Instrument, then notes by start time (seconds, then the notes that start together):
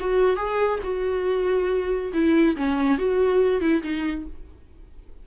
viola
0.00 F#4
0.37 G#4
0.83 F#4
2.13 E4
2.56 C#4
2.98 F#4
3.61 E4
3.83 D#4